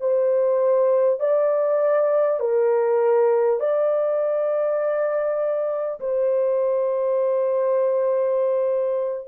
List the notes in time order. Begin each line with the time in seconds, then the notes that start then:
0.00 C5
1.20 D5
2.40 A#4
3.59 D5
6.00 C5